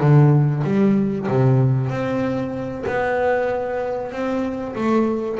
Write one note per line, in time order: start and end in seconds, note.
0.00 0.63 D3
0.64 1.27 G3
1.28 1.90 C3
1.90 2.85 C4
2.87 4.12 B3
4.12 4.75 C4
4.76 5.39 A3